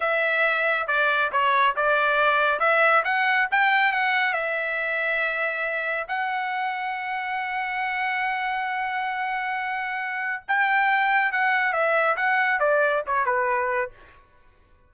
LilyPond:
\new Staff \with { instrumentName = "trumpet" } { \time 4/4 \tempo 4 = 138 e''2 d''4 cis''4 | d''2 e''4 fis''4 | g''4 fis''4 e''2~ | e''2 fis''2~ |
fis''1~ | fis''1 | g''2 fis''4 e''4 | fis''4 d''4 cis''8 b'4. | }